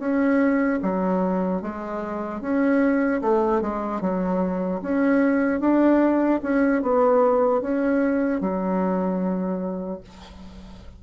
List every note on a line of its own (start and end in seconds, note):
0.00 0.80 C#4
0.83 1.62 F#3
1.62 2.41 G#3
2.41 3.21 C#4
3.22 3.62 A3
3.62 4.01 G#3
4.01 4.81 F#3
4.82 5.60 C#4
5.60 6.40 D4
6.43 6.83 C#4
6.83 7.62 B3
7.62 8.41 C#4
8.41 10.01 F#3